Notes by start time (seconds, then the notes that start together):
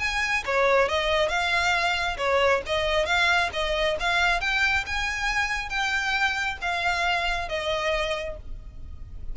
0.00 G#5
0.46 C#5
0.89 D#5
1.29 F5
2.18 C#5
2.67 D#5
3.06 F5
3.54 D#5
4.00 F5
4.41 G5
4.87 G#5
5.70 G5
6.62 F5
7.49 D#5